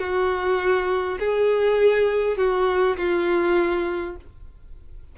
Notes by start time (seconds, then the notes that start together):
0.00 F#4
1.20 G#4
2.38 F#4
2.98 F4